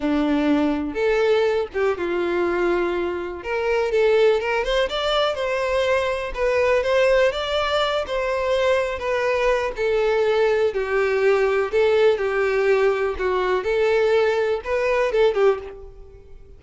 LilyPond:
\new Staff \with { instrumentName = "violin" } { \time 4/4 \tempo 4 = 123 d'2 a'4. g'8 | f'2. ais'4 | a'4 ais'8 c''8 d''4 c''4~ | c''4 b'4 c''4 d''4~ |
d''8 c''2 b'4. | a'2 g'2 | a'4 g'2 fis'4 | a'2 b'4 a'8 g'8 | }